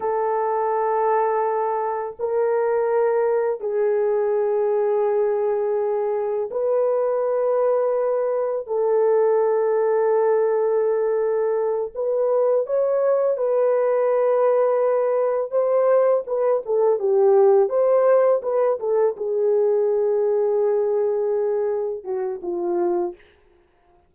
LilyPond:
\new Staff \with { instrumentName = "horn" } { \time 4/4 \tempo 4 = 83 a'2. ais'4~ | ais'4 gis'2.~ | gis'4 b'2. | a'1~ |
a'8 b'4 cis''4 b'4.~ | b'4. c''4 b'8 a'8 g'8~ | g'8 c''4 b'8 a'8 gis'4.~ | gis'2~ gis'8 fis'8 f'4 | }